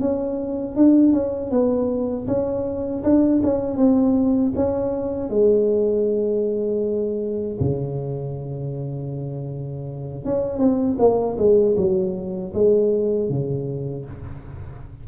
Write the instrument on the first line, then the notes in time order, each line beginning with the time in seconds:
tuba
0.00 C#4
0.76 D4
1.13 C#4
1.51 B3
2.28 C#4
3.04 D4
3.43 C#4
3.77 C4
4.56 C#4
5.30 G#3
7.61 C#3
10.25 C#4
10.59 C4
10.99 A#3
11.38 G#3
11.77 F#3
12.54 G#3
13.29 C#3